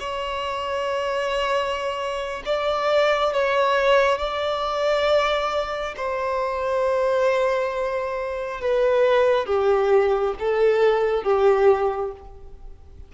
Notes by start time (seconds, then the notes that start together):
0.00 C#5
2.45 D5
3.33 C#5
4.19 D5
5.97 C5
8.61 B4
9.46 G4
10.40 A4
11.24 G4